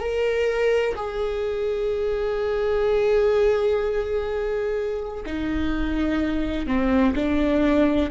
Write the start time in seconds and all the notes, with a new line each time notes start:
0.00 A#4
0.95 G#4
5.26 D#4
6.67 C4
7.15 D4